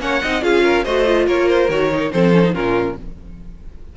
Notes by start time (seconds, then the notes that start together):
0.00 A#3 C#4 C#5 F#5
0.22 C4 D#4 D#5
0.41 C#4 F4 G#4 F5
0.63 A#4
0.84 A3 F#4 C5 D#5
1.05 F4
1.26 A#3 A#4 C#5
1.49 C5
1.69 D#3 F#4 C#5
1.92 D#4
2.12 F3 C4 A4 C5
2.34 C#4
2.43 D#4
2.53 A#2 C#4 F4 A#4